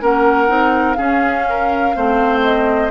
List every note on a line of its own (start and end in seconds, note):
0.00 0.48 A#3
0.00 0.47 C#4
0.00 0.97 A#4
0.00 0.93 F#5
0.47 0.97 C4
0.47 0.96 D#4
0.93 1.94 C#4
0.93 1.95 C#4
0.93 1.45 G#4
0.93 2.39 F5
1.49 1.96 A#4
1.95 2.91 A3
1.95 2.91 C4
1.95 2.91 C5
2.43 2.91 D#5